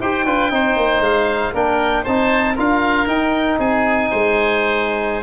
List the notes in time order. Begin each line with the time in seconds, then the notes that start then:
0.00 D#4 G4 C5 G5
0.25 D4 F4 B4
0.51 C4 D#4 C5
0.76 A#3
1.00 G#3 F5
1.54 A#3 D4 A#4 G5
2.03 C4 D#4 C5 A5
2.55 D4 F4 A#4 F5
3.07 D#4 G5
3.58 C4 G#4 G#5
4.10 G#3 C5